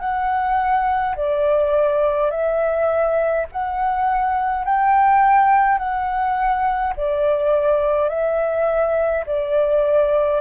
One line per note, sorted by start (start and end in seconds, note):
0.00 1.15 F#5
1.16 2.31 D5
2.31 3.46 E5
3.52 4.65 F#5
4.65 5.78 G5
5.78 6.94 F#5
6.97 8.09 D5
8.09 9.25 E5
9.27 10.41 D5